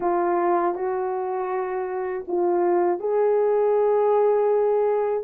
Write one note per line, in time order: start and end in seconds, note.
0.00 0.74 F4
0.74 2.24 F#4
2.27 2.99 F4
2.99 5.23 G#4